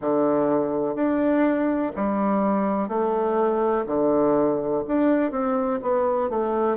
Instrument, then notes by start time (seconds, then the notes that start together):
bassoon
0.01 D3
0.95 D4
1.96 G3
2.88 A3
3.86 D3
4.87 D4
5.31 C4
5.82 B3
6.29 A3